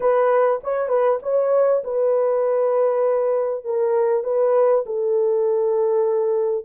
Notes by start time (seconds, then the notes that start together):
0.00 B4
0.63 C#5
0.88 B4
1.22 C#5
1.83 B4
3.64 A#4
4.23 B4
4.86 A4